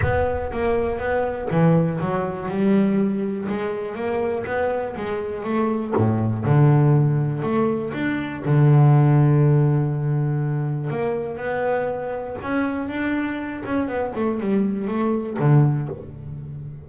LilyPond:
\new Staff \with { instrumentName = "double bass" } { \time 4/4 \tempo 4 = 121 b4 ais4 b4 e4 | fis4 g2 gis4 | ais4 b4 gis4 a4 | a,4 d2 a4 |
d'4 d2.~ | d2 ais4 b4~ | b4 cis'4 d'4. cis'8 | b8 a8 g4 a4 d4 | }